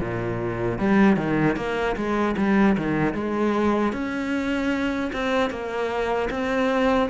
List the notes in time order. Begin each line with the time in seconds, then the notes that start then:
0.00 A#2
0.78 G3
1.17 D#3
1.56 A#3
1.96 G#3
2.37 G3
2.77 D#3
3.14 G#3
3.93 C#4
5.12 C4
5.50 A#3
6.31 C4